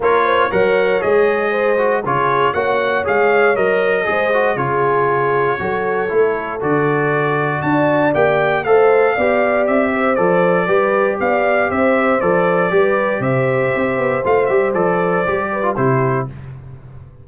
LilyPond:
<<
  \new Staff \with { instrumentName = "trumpet" } { \time 4/4 \tempo 4 = 118 cis''4 fis''4 dis''2 | cis''4 fis''4 f''4 dis''4~ | dis''4 cis''2.~ | cis''4 d''2 a''4 |
g''4 f''2 e''4 | d''2 f''4 e''4 | d''2 e''2 | f''8 e''8 d''2 c''4 | }
  \new Staff \with { instrumentName = "horn" } { \time 4/4 ais'8 c''8 cis''2 c''4 | gis'4 cis''2. | c''4 gis'2 a'4~ | a'2. d''4~ |
d''4 c''4 d''4. c''8~ | c''4 b'4 d''4 c''4~ | c''4 b'4 c''2~ | c''2~ c''8 b'8 g'4 | }
  \new Staff \with { instrumentName = "trombone" } { \time 4/4 f'4 ais'4 gis'4. fis'8 | f'4 fis'4 gis'4 ais'4 | gis'8 fis'8 f'2 fis'4 | e'4 fis'2. |
g'4 a'4 g'2 | a'4 g'2. | a'4 g'2. | f'8 g'8 a'4 g'8. f'16 e'4 | }
  \new Staff \with { instrumentName = "tuba" } { \time 4/4 ais4 fis4 gis2 | cis4 ais4 gis4 fis4 | gis4 cis2 fis4 | a4 d2 d'4 |
ais4 a4 b4 c'4 | f4 g4 b4 c'4 | f4 g4 c4 c'8 b8 | a8 g8 f4 g4 c4 | }
>>